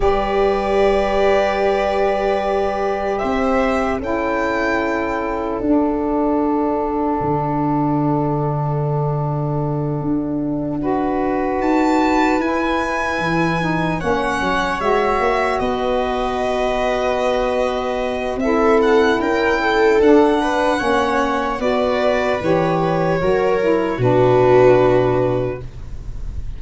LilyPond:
<<
  \new Staff \with { instrumentName = "violin" } { \time 4/4 \tempo 4 = 75 d''1 | e''4 g''2 fis''4~ | fis''1~ | fis''2~ fis''8 a''4 gis''8~ |
gis''4. fis''4 e''4 dis''8~ | dis''2. e''8 fis''8 | g''4 fis''2 d''4 | cis''2 b'2 | }
  \new Staff \with { instrumentName = "viola" } { \time 4/4 b'1 | c''4 a'2.~ | a'1~ | a'4. b'2~ b'8~ |
b'4. cis''2 b'8~ | b'2. a'4 | ais'8 a'4 b'8 cis''4 b'4~ | b'4 ais'4 fis'2 | }
  \new Staff \with { instrumentName = "saxophone" } { \time 4/4 g'1~ | g'4 e'2 d'4~ | d'1~ | d'4. fis'2 e'8~ |
e'4 dis'8 cis'4 fis'4.~ | fis'2. e'4~ | e'4 d'4 cis'4 fis'4 | g'4 fis'8 e'8 d'2 | }
  \new Staff \with { instrumentName = "tuba" } { \time 4/4 g1 | c'4 cis'2 d'4~ | d'4 d2.~ | d8 d'2 dis'4 e'8~ |
e'8 e4 ais8 fis8 gis8 ais8 b8~ | b2. c'4 | cis'4 d'4 ais4 b4 | e4 fis4 b,2 | }
>>